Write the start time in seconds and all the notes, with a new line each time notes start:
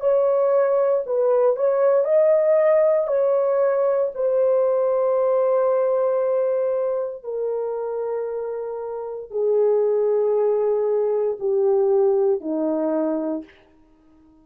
0.00 C#5
1.06 B4
1.56 C#5
2.05 D#5
3.07 C#5
4.14 C5
7.23 A#4
9.30 G#4
11.39 G4
12.40 D#4